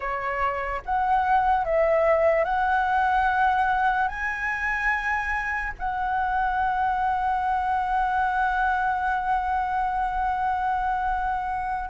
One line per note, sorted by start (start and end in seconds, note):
0.00 0.81 C#5
0.85 1.64 F#5
1.64 2.44 E5
2.44 4.08 F#5
4.08 5.72 G#5
5.78 11.89 F#5